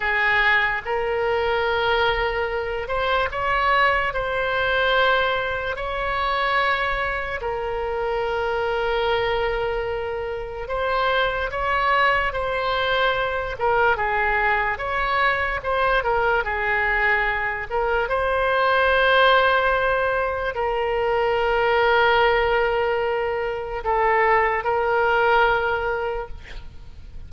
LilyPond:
\new Staff \with { instrumentName = "oboe" } { \time 4/4 \tempo 4 = 73 gis'4 ais'2~ ais'8 c''8 | cis''4 c''2 cis''4~ | cis''4 ais'2.~ | ais'4 c''4 cis''4 c''4~ |
c''8 ais'8 gis'4 cis''4 c''8 ais'8 | gis'4. ais'8 c''2~ | c''4 ais'2.~ | ais'4 a'4 ais'2 | }